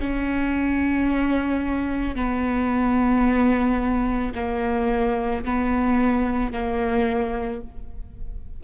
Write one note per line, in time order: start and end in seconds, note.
0.00 2.15 C#4
2.15 4.33 B3
4.34 5.43 A#3
5.44 6.52 B3
6.52 7.61 A#3